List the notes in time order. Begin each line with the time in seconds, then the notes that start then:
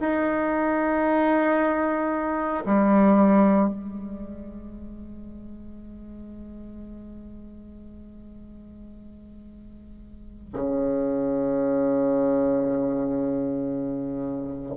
0.00 D#4
2.66 G3
3.68 G#3
10.53 C#3